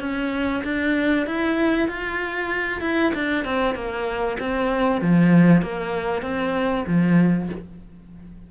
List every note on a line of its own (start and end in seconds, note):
0.00 0.62 C#4
0.64 1.26 D4
1.26 1.88 E4
1.88 2.81 F4
2.81 3.12 E4
3.14 3.45 D4
3.45 3.75 C4
3.75 4.37 A#3
4.39 5.01 C4
5.01 5.62 F3
5.62 6.22 A#3
6.22 6.85 C4
6.87 7.49 F3